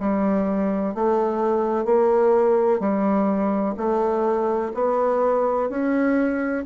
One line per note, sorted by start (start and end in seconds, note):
0.00 0.95 G3
0.95 1.85 A3
1.85 2.80 A#3
2.80 3.75 G3
3.77 4.73 A3
4.74 5.70 B3
5.70 6.65 C#4